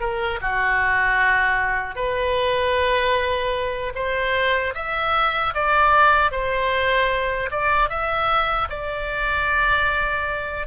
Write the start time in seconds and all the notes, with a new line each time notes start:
0.00 A#4
0.41 F#4
1.95 B4
3.95 C5
4.74 E5
5.54 D5
6.31 C5
7.51 D5
7.89 E5
8.69 D5